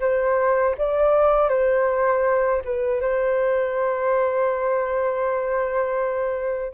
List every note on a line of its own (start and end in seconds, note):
0.00 0.75 C5
0.77 1.49 D5
1.49 2.61 C5
2.64 3.01 B4
3.01 6.73 C5